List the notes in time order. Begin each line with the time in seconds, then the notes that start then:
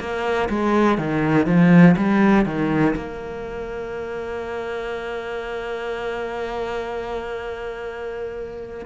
0.00 A#3
0.49 G#3
0.98 D#3
1.47 F3
1.97 G3
2.45 D#3
2.96 A#3